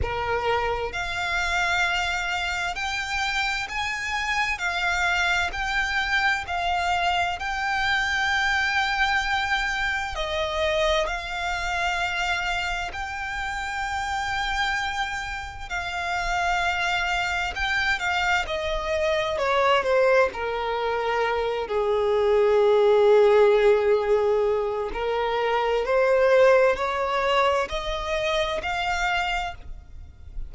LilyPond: \new Staff \with { instrumentName = "violin" } { \time 4/4 \tempo 4 = 65 ais'4 f''2 g''4 | gis''4 f''4 g''4 f''4 | g''2. dis''4 | f''2 g''2~ |
g''4 f''2 g''8 f''8 | dis''4 cis''8 c''8 ais'4. gis'8~ | gis'2. ais'4 | c''4 cis''4 dis''4 f''4 | }